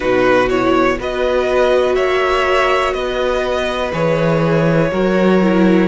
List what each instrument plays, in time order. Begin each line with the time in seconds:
0.00 cello B2, viola D#4, violin F#4 B4
0.49 viola E4, violin C#5
0.98 cello B3, viola F#4, violin B4 D#5
1.94 cello A#3, violin C#5 E5
2.93 cello B3, violin B4 D#5
3.92 cello E3, viola G#4, violin C#5
4.92 cello F#3, viola F#4, violin A#4
5.41 viola E4